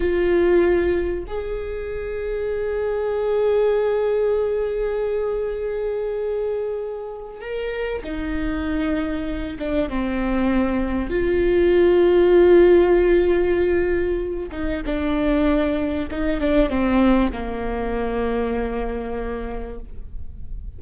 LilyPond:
\new Staff \with { instrumentName = "viola" } { \time 4/4 \tempo 4 = 97 f'2 gis'2~ | gis'1~ | gis'1 | ais'4 dis'2~ dis'8 d'8 |
c'2 f'2~ | f'2.~ f'8 dis'8 | d'2 dis'8 d'8 c'4 | ais1 | }